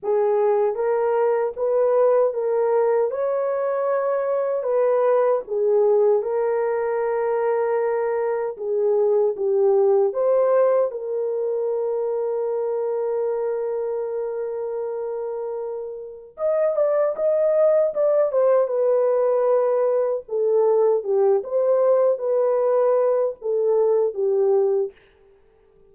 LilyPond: \new Staff \with { instrumentName = "horn" } { \time 4/4 \tempo 4 = 77 gis'4 ais'4 b'4 ais'4 | cis''2 b'4 gis'4 | ais'2. gis'4 | g'4 c''4 ais'2~ |
ais'1~ | ais'4 dis''8 d''8 dis''4 d''8 c''8 | b'2 a'4 g'8 c''8~ | c''8 b'4. a'4 g'4 | }